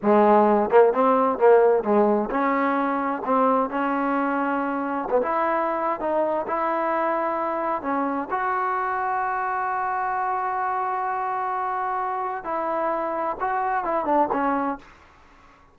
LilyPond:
\new Staff \with { instrumentName = "trombone" } { \time 4/4 \tempo 4 = 130 gis4. ais8 c'4 ais4 | gis4 cis'2 c'4 | cis'2. b16 e'8.~ | e'4 dis'4 e'2~ |
e'4 cis'4 fis'2~ | fis'1~ | fis'2. e'4~ | e'4 fis'4 e'8 d'8 cis'4 | }